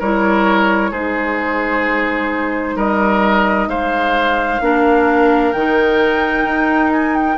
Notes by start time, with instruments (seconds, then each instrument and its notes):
0.00 bassoon G3, clarinet E4, oboe A#4, flute C#5
0.91 bassoon G#3, clarinet D#4, oboe G#4, flute C5
2.76 bassoon G3, oboe A#4, flute D#5
3.68 bassoon G#3, oboe C5, flute F5
4.61 bassoon A#3, clarinet D4, oboe A#4
5.53 bassoon D#3, clarinet D#4, flute G5
6.45 bassoon D#4
6.92 flute G#5
7.16 flute G5